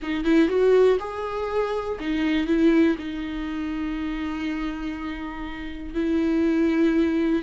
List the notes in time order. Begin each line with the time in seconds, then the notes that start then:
0.02 D#4
0.24 E4
0.48 F#4
0.99 G#4
2.00 D#4
2.47 E4
2.98 D#4
5.94 E4